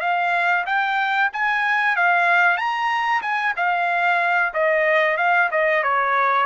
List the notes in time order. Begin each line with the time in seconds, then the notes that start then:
0.00 F5
0.66 G5
1.33 G#5
1.96 F5
2.57 A#5
3.22 G#5
3.56 F5
4.53 D#5
5.17 F5
5.51 D#5
5.83 C#5